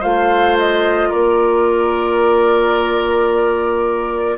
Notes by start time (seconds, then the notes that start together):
0.00 A3 F4 C5 F5
0.59 D#5
1.10 A#3 A#4 D5